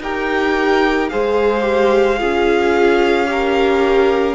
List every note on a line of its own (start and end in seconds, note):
0.00 1.09 D#4
0.00 1.11 G4
0.00 1.12 A#4
0.00 1.10 G5
1.10 2.22 G#3
1.10 1.62 G#4
1.10 2.19 C5
1.10 4.36 F5
1.62 2.17 G4
2.19 4.36 C#4
2.19 3.27 F4
2.19 3.28 G#4
3.27 4.36 G4
3.27 4.36 A#4